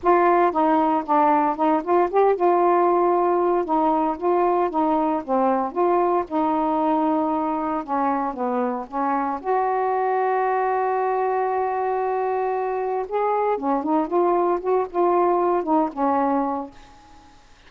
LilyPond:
\new Staff \with { instrumentName = "saxophone" } { \time 4/4 \tempo 4 = 115 f'4 dis'4 d'4 dis'8 f'8 | g'8 f'2~ f'8 dis'4 | f'4 dis'4 c'4 f'4 | dis'2. cis'4 |
b4 cis'4 fis'2~ | fis'1~ | fis'4 gis'4 cis'8 dis'8 f'4 | fis'8 f'4. dis'8 cis'4. | }